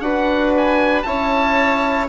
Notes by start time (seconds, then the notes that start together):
0.00 D4 F#4 B4 F#5
0.57 G#5
1.02 C#4 E4 C#5 A5